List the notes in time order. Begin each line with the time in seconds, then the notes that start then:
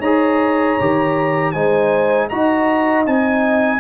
0.00 D#4 G#4 C#5 A#5
0.80 D#3 G4
1.52 G#3 D#4 C5 G#5
2.30 D#4 F#4 D#5 A#5
3.06 C4 D#4 G#5